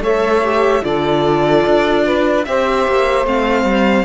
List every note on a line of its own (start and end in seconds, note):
0.00 0.81 A3
0.00 0.44 A4
0.00 0.83 C#5
0.00 0.84 E5
0.44 0.82 G4
0.82 1.65 D3
0.82 2.45 F4
0.82 2.05 A4
0.82 2.45 D5
1.67 2.47 D4
2.05 2.46 B4
2.45 2.87 C4
2.45 3.25 G4
2.45 4.05 C5
2.45 3.26 E5
2.88 3.26 A#3
3.25 3.64 A3
3.25 4.05 C4
3.25 4.05 F5
3.64 4.05 G3